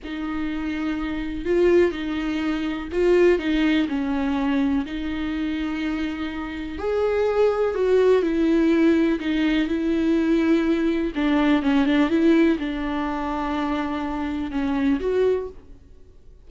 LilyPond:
\new Staff \with { instrumentName = "viola" } { \time 4/4 \tempo 4 = 124 dis'2. f'4 | dis'2 f'4 dis'4 | cis'2 dis'2~ | dis'2 gis'2 |
fis'4 e'2 dis'4 | e'2. d'4 | cis'8 d'8 e'4 d'2~ | d'2 cis'4 fis'4 | }